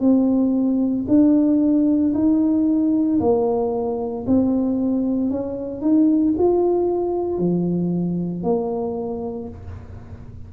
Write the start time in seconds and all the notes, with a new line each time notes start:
0.00 C4
1.08 D4
2.14 D#4
3.20 A#3
4.27 C4
5.30 C#4
5.81 D#4
6.38 F4
7.38 F3
8.43 A#3